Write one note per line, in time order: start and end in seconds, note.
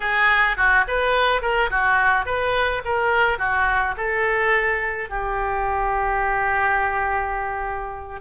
0.00 0.56 G#4
0.56 0.85 F#4
0.87 1.42 B4
1.42 1.70 A#4
1.70 2.25 F#4
2.25 2.82 B4
2.85 3.38 A#4
3.38 3.95 F#4
3.96 5.09 A4
5.09 8.20 G4